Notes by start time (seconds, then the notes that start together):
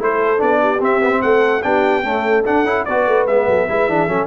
0.00 A3 E4 A4 C5
0.38 B3 D4 D5
0.61 G4
0.80 C4 E5
1.02 B3
1.10 C4
1.22 A3 A4 F#5
1.63 B3 D4 G4 G5
2.04 A3 C#4 A4
2.46 D4 F#5
2.64 C#4 E4
2.85 B3 F#4 B4 D5
3.07 A3
3.27 G#3 B3 E5
3.48 F#3 A4
3.69 G#3 E4 B4
3.88 E3 D4 G#4
4.08 F#3 C#4 A4